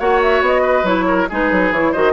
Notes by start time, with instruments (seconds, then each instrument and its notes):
0.00 bassoon A#3, clarinet F#4, oboe C#5, flute F#5
0.22 flute E5
0.42 bassoon B3, flute D#5
0.62 oboe B4
0.84 bassoon F#3, clarinet E4, flute C#5
1.07 oboe A#4
1.30 bassoon G#3, clarinet D#4, oboe G#4, flute B4
1.52 bassoon F#3
1.72 bassoon E3, clarinet E4, flute C#5
1.92 bassoon D#3, clarinet F#4, oboe C5, flute D#5